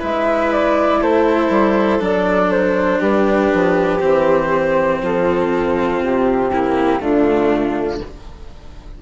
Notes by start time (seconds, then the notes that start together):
0.00 G#3 E4 B4 E5
0.52 D5
1.02 A3 A4 C5
1.50 G3
2.00 F#3 D4 D5
2.51 C5
2.99 G3 G4 B4
3.54 F3
4.00 E3 C4 C5
5.02 F3 F4 A4
6.04 C3 G4
6.52 A#3 E4
7.00 D3 A3 D4 F4